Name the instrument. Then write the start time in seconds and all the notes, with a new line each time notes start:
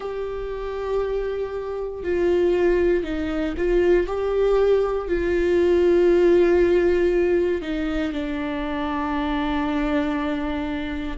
viola
0.00 G4
2.03 F4
3.03 D#4
3.57 F4
4.06 G4
5.08 F4
7.61 D#4
8.12 D4